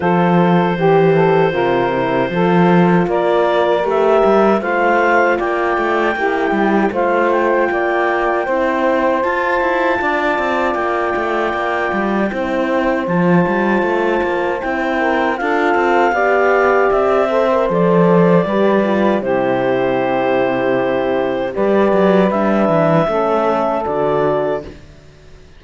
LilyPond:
<<
  \new Staff \with { instrumentName = "clarinet" } { \time 4/4 \tempo 4 = 78 c''1 | d''4 e''4 f''4 g''4~ | g''4 f''8 g''2~ g''8 | a''2 g''2~ |
g''4 a''2 g''4 | f''2 e''4 d''4~ | d''4 c''2. | d''4 e''2 d''4 | }
  \new Staff \with { instrumentName = "saxophone" } { \time 4/4 a'4 g'8 a'8 ais'4 a'4 | ais'2 c''4 d''4 | g'4 c''4 d''4 c''4~ | c''4 d''2. |
c''2.~ c''8 ais'8 | a'4 d''4. c''4. | b'4 g'2. | b'2 a'2 | }
  \new Staff \with { instrumentName = "horn" } { \time 4/4 f'4 g'4 f'8 e'8 f'4~ | f'4 g'4 f'2 | e'4 f'2 e'4 | f'1 |
e'4 f'2 e'4 | f'4 g'4. a'16 ais'16 a'4 | g'8 f'8 e'2. | g'4 d'4 cis'4 fis'4 | }
  \new Staff \with { instrumentName = "cello" } { \time 4/4 f4 e4 c4 f4 | ais4 a8 g8 a4 ais8 a8 | ais8 g8 a4 ais4 c'4 | f'8 e'8 d'8 c'8 ais8 a8 ais8 g8 |
c'4 f8 g8 a8 ais8 c'4 | d'8 c'8 b4 c'4 f4 | g4 c2. | g8 fis8 g8 e8 a4 d4 | }
>>